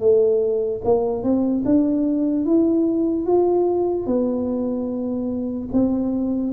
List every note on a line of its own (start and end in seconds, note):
0.00 0.81 A3
0.84 1.23 A#3
1.23 1.64 C4
1.65 2.46 D4
2.46 3.26 E4
3.26 4.07 F4
4.07 5.69 B3
5.72 6.53 C4